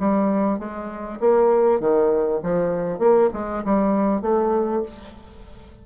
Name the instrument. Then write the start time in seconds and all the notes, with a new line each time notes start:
bassoon
0.00 G3
0.59 G#3
1.21 A#3
1.80 D#3
2.44 F3
2.99 A#3
3.34 G#3
3.65 G3
4.22 A3